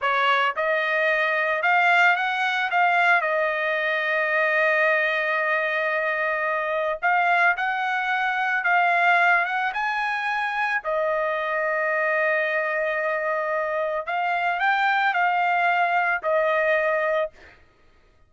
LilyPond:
\new Staff \with { instrumentName = "trumpet" } { \time 4/4 \tempo 4 = 111 cis''4 dis''2 f''4 | fis''4 f''4 dis''2~ | dis''1~ | dis''4 f''4 fis''2 |
f''4. fis''8 gis''2 | dis''1~ | dis''2 f''4 g''4 | f''2 dis''2 | }